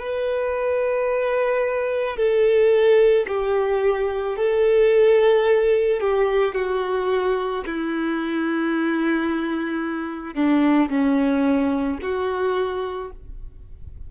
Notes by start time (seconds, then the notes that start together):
0.00 B4
2.17 A4
3.28 G4
4.37 A4
6.00 G4
6.55 F#4
7.67 E4
10.34 D4
10.90 C#4
12.02 F#4